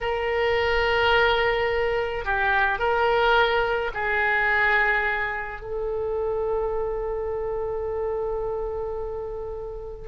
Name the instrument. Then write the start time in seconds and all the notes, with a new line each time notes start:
oboe
0.01 A#4
2.24 G4
2.79 A#4
3.94 G#4
5.61 A4